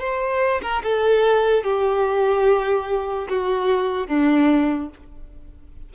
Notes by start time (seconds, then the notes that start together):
0.00 C5
0.62 A#4
0.84 A4
1.64 G4
3.29 F#4
4.07 D4